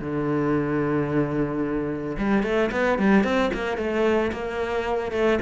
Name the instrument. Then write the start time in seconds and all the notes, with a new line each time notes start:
cello
0.00 D3
2.18 G3
2.43 A3
2.71 B3
2.98 G3
3.23 C4
3.54 A#3
3.77 A3
4.32 A#3
5.12 A3